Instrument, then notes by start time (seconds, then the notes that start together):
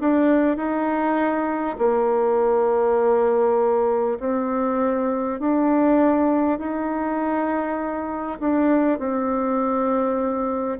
bassoon
0.00 D4
0.57 D#4
1.78 A#3
4.19 C4
5.39 D4
6.58 D#4
8.39 D4
8.99 C4